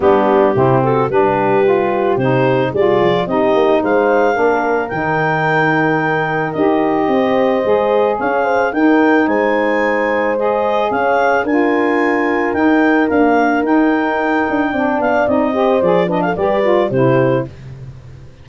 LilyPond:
<<
  \new Staff \with { instrumentName = "clarinet" } { \time 4/4 \tempo 4 = 110 g'4. a'8 b'2 | c''4 d''4 dis''4 f''4~ | f''4 g''2. | dis''2. f''4 |
g''4 gis''2 dis''4 | f''4 gis''2 g''4 | f''4 g''2~ g''8 f''8 | dis''4 d''8 dis''16 f''16 d''4 c''4 | }
  \new Staff \with { instrumentName = "horn" } { \time 4/4 d'4 e'8 fis'8 g'2~ | g'4 gis'4 g'4 c''4 | ais'1~ | ais'4 c''2 cis''8 c''8 |
ais'4 c''2. | cis''4 ais'2.~ | ais'2. d''4~ | d''8 c''4 b'16 a'16 b'4 g'4 | }
  \new Staff \with { instrumentName = "saxophone" } { \time 4/4 b4 c'4 d'4 f'4 | dis'4 f'4 dis'2 | d'4 dis'2. | g'2 gis'2 |
dis'2. gis'4~ | gis'4 f'2 dis'4 | ais4 dis'2 d'4 | dis'8 g'8 gis'8 d'8 g'8 f'8 e'4 | }
  \new Staff \with { instrumentName = "tuba" } { \time 4/4 g4 c4 g2 | c4 g8 f8 c'8 ais8 gis4 | ais4 dis2. | dis'4 c'4 gis4 cis'4 |
dis'4 gis2. | cis'4 d'2 dis'4 | d'4 dis'4. d'8 c'8 b8 | c'4 f4 g4 c4 | }
>>